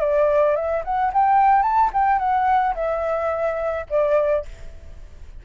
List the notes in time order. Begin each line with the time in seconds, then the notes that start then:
0.00 D5
0.56 E5
0.84 F#5
1.13 G5
1.62 A5
1.93 G5
2.19 F#5
2.75 E5
3.90 D5